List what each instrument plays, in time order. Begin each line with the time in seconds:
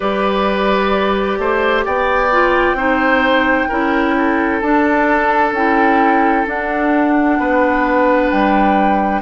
0.00 bassoon G3, clarinet G4, oboe B4, flute D5
1.38 bassoon A3, oboe C5
1.85 bassoon B3, oboe D5, flute G5
2.31 clarinet F4
2.73 bassoon C4, clarinet D#4, oboe C5
3.68 bassoon C#4, clarinet E4, oboe A#4
4.17 oboe A4
4.60 bassoon D4, clarinet D4, flute A5
5.52 bassoon C#4, clarinet E4, flute G5
6.46 clarinet D4, bassoon D4, flute F#5
7.38 bassoon B3, oboe B4
8.29 bassoon G3, flute G5